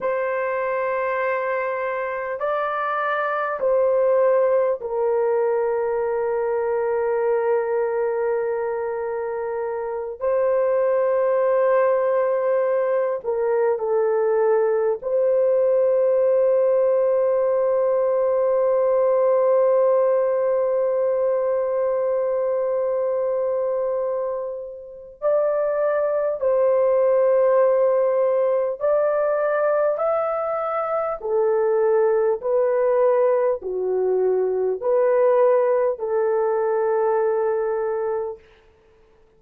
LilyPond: \new Staff \with { instrumentName = "horn" } { \time 4/4 \tempo 4 = 50 c''2 d''4 c''4 | ais'1~ | ais'8 c''2~ c''8 ais'8 a'8~ | a'8 c''2.~ c''8~ |
c''1~ | c''4 d''4 c''2 | d''4 e''4 a'4 b'4 | fis'4 b'4 a'2 | }